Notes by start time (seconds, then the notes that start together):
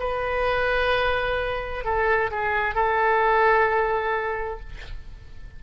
0.00 B4
1.85 A4
2.31 G#4
2.75 A4